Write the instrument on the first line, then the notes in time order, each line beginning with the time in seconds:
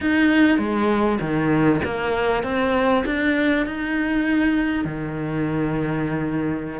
cello
0.00 D#4
0.58 G#3
1.20 D#3
1.84 A#3
2.43 C4
3.05 D4
3.66 D#4
4.85 D#3